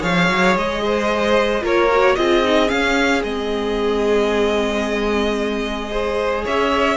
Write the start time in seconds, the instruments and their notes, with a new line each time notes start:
0.00 cello F3, viola G#4, violin C#5 F5
0.29 cello F#3
0.55 cello G#3, violin D#5
0.84 violin C5
1.61 cello A#3, viola F4, violin A#4 C#5
1.91 viola F#4
2.15 cello C4, viola F4, violin G#4 D#5
2.44 viola D#4
2.67 viola C#4, cello C#4, violin F5
3.23 cello G#3, viola C4, violin D#5
5.91 viola G#4, violin C5
6.44 cello C#4, violin C#5 E5